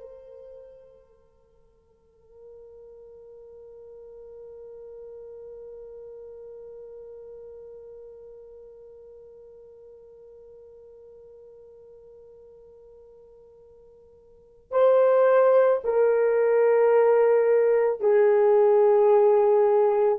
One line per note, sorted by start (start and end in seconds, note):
0.00 14.71 A#4
14.71 15.80 C5
15.83 18.00 A#4
18.00 20.18 G#4